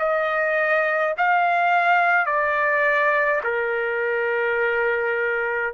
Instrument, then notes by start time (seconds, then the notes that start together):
trumpet
0.00 D#5
1.18 F5
2.26 D5
3.44 A#4